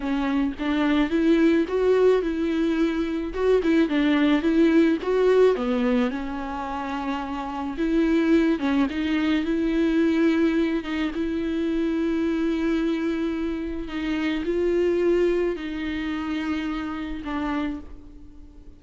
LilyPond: \new Staff \with { instrumentName = "viola" } { \time 4/4 \tempo 4 = 108 cis'4 d'4 e'4 fis'4 | e'2 fis'8 e'8 d'4 | e'4 fis'4 b4 cis'4~ | cis'2 e'4. cis'8 |
dis'4 e'2~ e'8 dis'8 | e'1~ | e'4 dis'4 f'2 | dis'2. d'4 | }